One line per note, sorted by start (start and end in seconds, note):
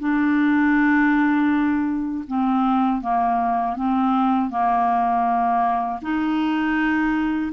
0.00 2.25 D4
2.28 3.02 C4
3.02 3.77 A#3
3.77 4.51 C4
4.51 6.01 A#3
6.02 7.52 D#4